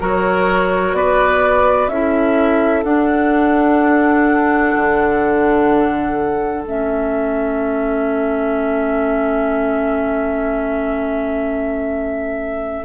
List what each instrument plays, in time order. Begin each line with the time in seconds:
0.00 bassoon F#3, clarinet F#4, oboe A#4, flute C#5
0.93 bassoon B3, oboe B4, flute D5
1.88 bassoon C#4, clarinet E4, oboe A4, flute E5
2.84 bassoon D4, clarinet D4, flute F#5
4.77 bassoon D3
6.64 bassoon A3, clarinet C#4, flute E5